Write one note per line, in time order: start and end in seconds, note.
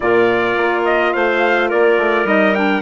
0.00 0.56 A#2
0.00 2.25 F4
0.00 1.13 A#4
0.00 0.84 D5
0.56 1.13 A#3
0.84 1.13 D#5
1.13 1.71 A3
1.13 1.68 C5
1.13 1.69 F5
1.68 1.97 A#3
1.68 2.81 A#4
1.68 2.26 D5
1.97 2.24 A3
2.24 2.81 G3
2.24 2.54 D#4
2.24 2.54 D#5
2.55 2.81 D4
2.55 2.81 G5